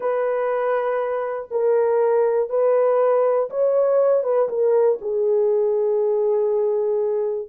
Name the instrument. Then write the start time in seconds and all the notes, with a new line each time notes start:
horn
0.00 B4
1.50 A#4
2.49 B4
3.50 C#5
4.23 B4
4.48 A#4
5.01 G#4